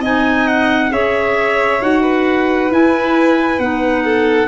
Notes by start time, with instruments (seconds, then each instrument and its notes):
0.00 tuba C4, clarinet D#4, violin D#5, trumpet G#5
0.48 trumpet F#5
0.91 tuba C#4, clarinet G#4, violin C#5, trumpet E5
1.81 tuba D#4, clarinet F#4, trumpet F#5
2.02 violin B4
2.70 tuba E4, clarinet E4, trumpet G#5
3.59 tuba B3, clarinet D#4, trumpet F#5
4.04 violin A4